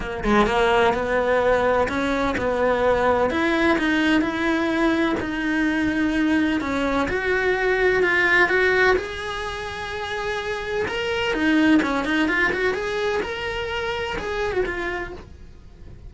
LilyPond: \new Staff \with { instrumentName = "cello" } { \time 4/4 \tempo 4 = 127 ais8 gis8 ais4 b2 | cis'4 b2 e'4 | dis'4 e'2 dis'4~ | dis'2 cis'4 fis'4~ |
fis'4 f'4 fis'4 gis'4~ | gis'2. ais'4 | dis'4 cis'8 dis'8 f'8 fis'8 gis'4 | ais'2 gis'8. fis'16 f'4 | }